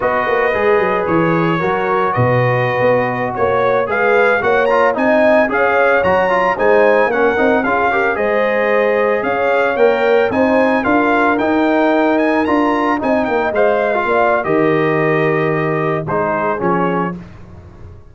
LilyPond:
<<
  \new Staff \with { instrumentName = "trumpet" } { \time 4/4 \tempo 4 = 112 dis''2 cis''2 | dis''2~ dis''16 cis''4 f''8.~ | f''16 fis''8 ais''8 gis''4 f''4 ais''8.~ | ais''16 gis''4 fis''4 f''4 dis''8.~ |
dis''4~ dis''16 f''4 g''4 gis''8.~ | gis''16 f''4 g''4. gis''8 ais''8.~ | ais''16 gis''8 g''8 f''4.~ f''16 dis''4~ | dis''2 c''4 cis''4 | }
  \new Staff \with { instrumentName = "horn" } { \time 4/4 b'2. ais'4 | b'2~ b'16 cis''4 b'8.~ | b'16 cis''4 dis''4 cis''4.~ cis''16~ | cis''16 c''4 ais'4 gis'8 ais'8 c''8.~ |
c''4~ c''16 cis''2 c''8.~ | c''16 ais'2.~ ais'8.~ | ais'16 dis''2 d''8. ais'4~ | ais'2 gis'2 | }
  \new Staff \with { instrumentName = "trombone" } { \time 4/4 fis'4 gis'2 fis'4~ | fis'2.~ fis'16 gis'8.~ | gis'16 fis'8 f'8 dis'4 gis'4 fis'8 f'16~ | f'16 dis'4 cis'8 dis'8 f'8 g'8 gis'8.~ |
gis'2~ gis'16 ais'4 dis'8.~ | dis'16 f'4 dis'2 f'8.~ | f'16 dis'4 c''8. f'4 g'4~ | g'2 dis'4 cis'4 | }
  \new Staff \with { instrumentName = "tuba" } { \time 4/4 b8 ais8 gis8 fis8 e4 fis4 | b,4~ b,16 b4 ais4 gis8.~ | gis16 ais4 c'4 cis'4 fis8.~ | fis16 gis4 ais8 c'8 cis'4 gis8.~ |
gis4~ gis16 cis'4 ais4 c'8.~ | c'16 d'4 dis'2 d'8.~ | d'16 c'8 ais8 gis4 ais8. dis4~ | dis2 gis4 f4 | }
>>